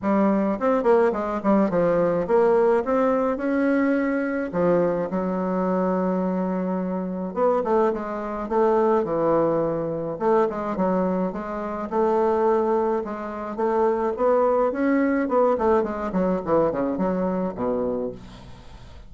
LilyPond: \new Staff \with { instrumentName = "bassoon" } { \time 4/4 \tempo 4 = 106 g4 c'8 ais8 gis8 g8 f4 | ais4 c'4 cis'2 | f4 fis2.~ | fis4 b8 a8 gis4 a4 |
e2 a8 gis8 fis4 | gis4 a2 gis4 | a4 b4 cis'4 b8 a8 | gis8 fis8 e8 cis8 fis4 b,4 | }